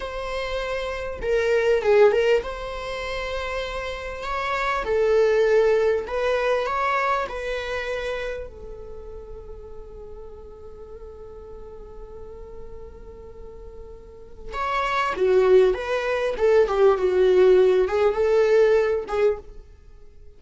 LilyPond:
\new Staff \with { instrumentName = "viola" } { \time 4/4 \tempo 4 = 99 c''2 ais'4 gis'8 ais'8 | c''2. cis''4 | a'2 b'4 cis''4 | b'2 a'2~ |
a'1~ | a'1 | cis''4 fis'4 b'4 a'8 g'8 | fis'4. gis'8 a'4. gis'8 | }